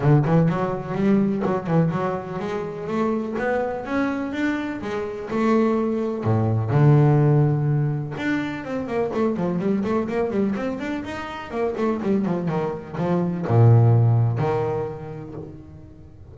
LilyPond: \new Staff \with { instrumentName = "double bass" } { \time 4/4 \tempo 4 = 125 d8 e8 fis4 g4 fis8 e8 | fis4 gis4 a4 b4 | cis'4 d'4 gis4 a4~ | a4 a,4 d2~ |
d4 d'4 c'8 ais8 a8 f8 | g8 a8 ais8 g8 c'8 d'8 dis'4 | ais8 a8 g8 f8 dis4 f4 | ais,2 dis2 | }